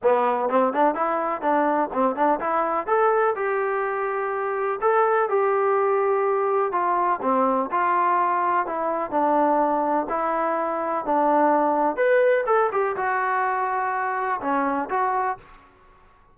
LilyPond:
\new Staff \with { instrumentName = "trombone" } { \time 4/4 \tempo 4 = 125 b4 c'8 d'8 e'4 d'4 | c'8 d'8 e'4 a'4 g'4~ | g'2 a'4 g'4~ | g'2 f'4 c'4 |
f'2 e'4 d'4~ | d'4 e'2 d'4~ | d'4 b'4 a'8 g'8 fis'4~ | fis'2 cis'4 fis'4 | }